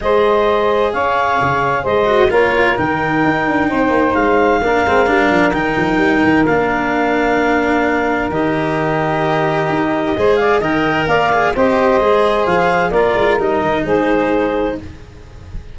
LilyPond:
<<
  \new Staff \with { instrumentName = "clarinet" } { \time 4/4 \tempo 4 = 130 dis''2 f''2 | dis''4 cis''4 g''2~ | g''4 f''2. | g''2 f''2~ |
f''2 dis''2~ | dis''2~ dis''8 f''8 g''4 | f''4 dis''2 f''4 | d''4 dis''4 c''2 | }
  \new Staff \with { instrumentName = "saxophone" } { \time 4/4 c''2 cis''2 | c''4 ais'2. | c''2 ais'2~ | ais'1~ |
ais'1~ | ais'2 c''8 d''8 dis''4 | d''4 c''2. | ais'2 gis'2 | }
  \new Staff \with { instrumentName = "cello" } { \time 4/4 gis'1~ | gis'8 fis'8 f'4 dis'2~ | dis'2 d'8 c'8 d'4 | dis'2 d'2~ |
d'2 g'2~ | g'2 gis'4 ais'4~ | ais'8 gis'8 g'4 gis'2 | f'4 dis'2. | }
  \new Staff \with { instrumentName = "tuba" } { \time 4/4 gis2 cis'4 cis4 | gis4 ais4 dis4 dis'8 d'8 | c'8 ais8 gis4 ais8 gis8 g8 f8 | dis8 f8 g8 dis8 ais2~ |
ais2 dis2~ | dis4 dis'4 gis4 dis4 | ais4 c'4 gis4 f4 | ais8 gis8 g8 dis8 gis2 | }
>>